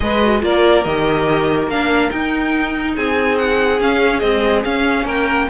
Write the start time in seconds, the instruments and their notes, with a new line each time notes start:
0.00 cello G#3, viola G#4, violin B4 D#5
0.22 viola F#4
0.40 cello A#3, viola F4, violin A#4 D5
0.84 cello D#3, viola G4, violin D#5
1.67 cello A#3, viola D4, violin F5
2.10 viola D#4, cello D#4, violin G5
2.94 cello C4, violin G#4 G#5
3.37 violin F#5
3.80 viola C#4, cello C#4, violin F5
4.19 viola G#3, cello C4, violin D#5
4.64 viola C#4, cello C#4, violin F5
5.04 cello A#3, violin A#4 G5